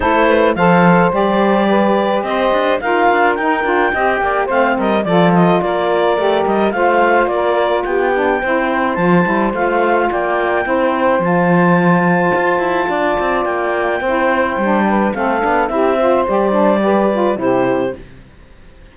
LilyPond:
<<
  \new Staff \with { instrumentName = "clarinet" } { \time 4/4 \tempo 4 = 107 c''4 f''4 d''2 | dis''4 f''4 g''2 | f''8 dis''8 d''8 dis''8 d''4. dis''8 | f''4 d''4 g''2 |
a''4 f''4 g''2 | a''1 | g''2. f''4 | e''4 d''2 c''4 | }
  \new Staff \with { instrumentName = "saxophone" } { \time 4/4 a'8 b'8 c''2 b'4 | c''4 ais'2 dis''8 d''8 | c''8 ais'8 a'4 ais'2 | c''4 ais'4 g'4 c''4~ |
c''2 d''4 c''4~ | c''2. d''4~ | d''4 c''4. b'8 a'4 | g'8 c''4. b'4 g'4 | }
  \new Staff \with { instrumentName = "saxophone" } { \time 4/4 e'4 a'4 g'2~ | g'4 f'4 dis'8 f'8 g'4 | c'4 f'2 g'4 | f'2~ f'8 d'8 e'4 |
f'8 e'8 f'2 e'4 | f'1~ | f'4 e'4 d'4 c'8 d'8 | e'8 f'8 g'8 d'8 g'8 f'8 e'4 | }
  \new Staff \with { instrumentName = "cello" } { \time 4/4 a4 f4 g2 | c'8 d'8 dis'8 d'8 dis'8 d'8 c'8 ais8 | a8 g8 f4 ais4 a8 g8 | a4 ais4 b4 c'4 |
f8 g8 a4 ais4 c'4 | f2 f'8 e'8 d'8 c'8 | ais4 c'4 g4 a8 b8 | c'4 g2 c4 | }
>>